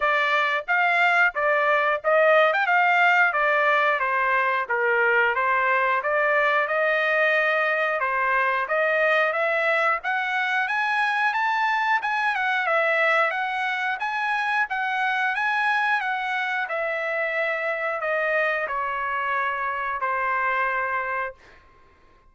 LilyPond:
\new Staff \with { instrumentName = "trumpet" } { \time 4/4 \tempo 4 = 90 d''4 f''4 d''4 dis''8. g''16 | f''4 d''4 c''4 ais'4 | c''4 d''4 dis''2 | c''4 dis''4 e''4 fis''4 |
gis''4 a''4 gis''8 fis''8 e''4 | fis''4 gis''4 fis''4 gis''4 | fis''4 e''2 dis''4 | cis''2 c''2 | }